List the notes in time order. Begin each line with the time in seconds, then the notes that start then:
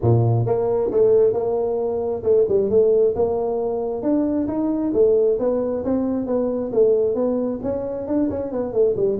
0.01 A#2
0.46 A#3
0.91 A3
1.33 A#3
2.23 A3
2.48 G3
2.69 A3
3.15 A#3
4.02 D4
4.47 D#4
4.93 A3
5.39 B3
5.84 C4
6.26 B3
6.72 A3
7.14 B3
7.62 C#4
8.07 D4
8.30 C#4
8.51 B3
8.73 A3
8.96 G3